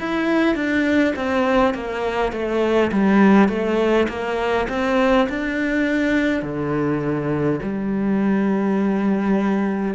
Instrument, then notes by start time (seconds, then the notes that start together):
cello
0.00 E4
0.55 D4
1.16 C4
1.74 A#3
2.32 A3
2.92 G3
3.49 A3
4.09 A#3
4.70 C4
5.29 D4
6.42 D3
7.63 G3